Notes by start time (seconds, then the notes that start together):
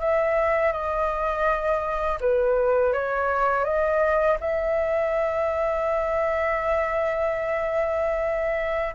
0.00 E5
0.73 D#5
2.21 B4
2.93 C#5
3.65 D#5
4.41 E5